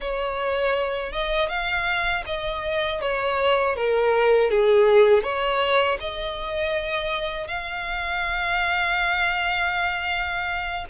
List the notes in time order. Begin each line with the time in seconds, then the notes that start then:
0.00 C#5
1.12 D#5
1.49 F5
2.26 D#5
3.01 C#5
3.76 A#4
4.50 G#4
5.23 C#5
6.00 D#5
7.47 F5